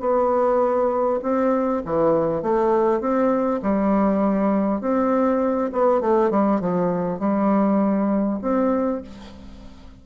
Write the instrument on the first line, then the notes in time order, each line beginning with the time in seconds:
bassoon
0.00 B3
1.22 C4
1.85 E3
2.42 A3
3.00 C4
3.62 G3
4.81 C4
5.72 B3
6.01 A3
6.30 G3
6.60 F3
7.19 G3
8.41 C4